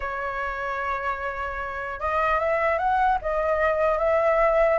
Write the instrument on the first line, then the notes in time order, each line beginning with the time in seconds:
flute
0.00 C#5
2.00 D#5
2.39 E5
2.78 F#5
3.21 D#5
3.98 E5